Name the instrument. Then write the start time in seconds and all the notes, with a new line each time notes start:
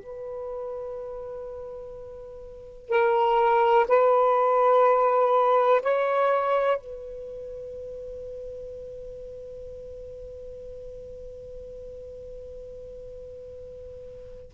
saxophone
0.00 B4
2.89 A#4
3.88 B4
5.83 C#5
6.78 B4